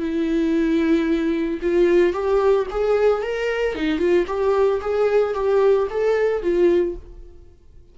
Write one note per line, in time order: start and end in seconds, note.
0.00 1.61 E4
1.62 2.13 F4
2.13 2.67 G4
2.71 3.23 G#4
3.23 3.75 A#4
3.75 3.99 D#4
3.99 4.26 F4
4.28 4.81 G4
4.82 5.35 G#4
5.35 5.88 G4
5.91 6.43 A4
6.43 6.96 F4